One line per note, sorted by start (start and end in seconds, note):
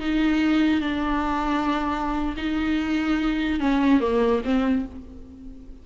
0.00 0.81 D#4
0.81 2.35 D4
2.37 3.60 D#4
3.60 4.00 C#4
4.00 4.42 A#3
4.44 4.85 C4